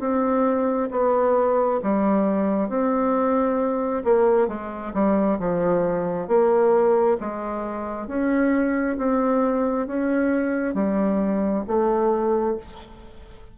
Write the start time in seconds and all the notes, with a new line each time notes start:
0.00 C4
0.91 B3
1.83 G3
2.69 C4
4.05 A#3
4.48 G#3
4.94 G3
5.39 F3
6.28 A#3
7.20 G#3
8.08 C#4
8.98 C4
9.88 C#4
10.74 G3
11.68 A3